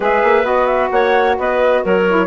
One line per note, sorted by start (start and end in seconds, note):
0.00 0.22 G#3
0.00 0.42 G#4
0.00 0.91 B4
0.00 0.46 E5
0.23 0.43 A#3
0.42 0.89 B3
0.42 2.02 F#4
0.42 0.66 D#5
0.66 0.89 E5
0.90 1.37 A#3
0.90 1.38 C#5
0.90 1.36 F#5
1.38 1.83 B3
1.38 1.83 B4
1.38 1.85 D#5
1.83 2.26 F#3
1.83 2.26 A#4
1.83 2.26 C#5
2.08 2.26 E4